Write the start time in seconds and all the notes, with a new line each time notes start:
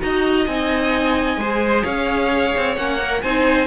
0.00 D#4 F#4 D#5 A#5
0.46 C4 D#4 G#5
1.37 G#3 G#4 C5
1.83 C#4 C#5 F5
2.57 C4
2.76 A#3 C#4 F#5
2.99 A#4
3.21 C4 D#4 C5 G#5